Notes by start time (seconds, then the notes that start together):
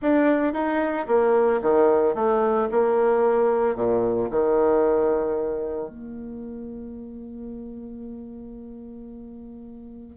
0.01 D4
0.53 D#4
1.07 A#3
1.62 D#3
2.14 A3
2.71 A#3
3.75 A#2
4.30 D#3
5.89 A#3